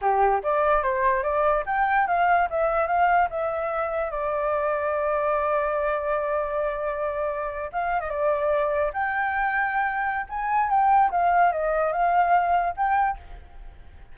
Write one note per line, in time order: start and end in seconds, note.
0.01 0.42 G4
0.43 0.82 D5
0.82 1.23 C5
1.23 1.64 D5
1.66 2.07 G5
2.07 2.48 F5
2.49 2.87 E5
2.87 3.28 F5
3.30 4.10 E5
4.10 7.70 D5
7.72 8.00 F5
8.00 8.09 D#5
8.09 8.91 D5
8.93 10.26 G5
10.29 10.69 G#5
10.69 11.10 G5
11.11 11.51 F5
11.51 11.92 D#5
11.92 12.74 F5
12.76 13.17 G5